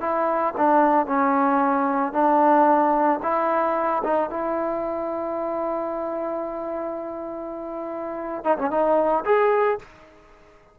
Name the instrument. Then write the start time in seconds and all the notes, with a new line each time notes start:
trombone
0.00 E4
0.57 D4
1.06 C#4
2.12 D4
3.22 E4
4.04 D#4
4.30 E4
8.44 D#4
8.58 C#4
8.70 D#4
9.25 G#4